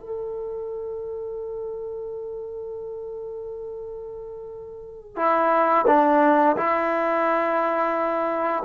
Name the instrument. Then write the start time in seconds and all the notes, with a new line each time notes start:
trombone
0.00 A4
5.17 E4
5.87 D4
6.57 E4